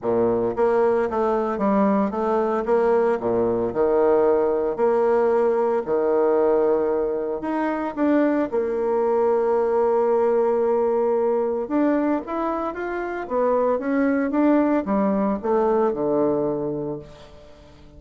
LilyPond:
\new Staff \with { instrumentName = "bassoon" } { \time 4/4 \tempo 4 = 113 ais,4 ais4 a4 g4 | a4 ais4 ais,4 dis4~ | dis4 ais2 dis4~ | dis2 dis'4 d'4 |
ais1~ | ais2 d'4 e'4 | f'4 b4 cis'4 d'4 | g4 a4 d2 | }